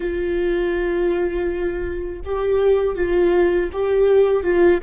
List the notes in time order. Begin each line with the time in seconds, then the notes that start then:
0.00 F4
2.24 G4
2.95 F4
3.72 G4
4.43 F4